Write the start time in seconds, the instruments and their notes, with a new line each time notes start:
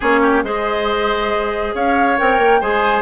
0.00 bassoon A#3, clarinet C#4, oboe G#4, flute C#5
0.22 oboe G4
0.43 bassoon G#3, clarinet G#4, oboe C5, flute D#5
1.74 bassoon C#4, oboe C#5, flute F5
2.18 bassoon C4, clarinet A#4, flute G5
2.38 bassoon A#3
2.60 bassoon G#3, clarinet G#4, oboe C5, flute G#5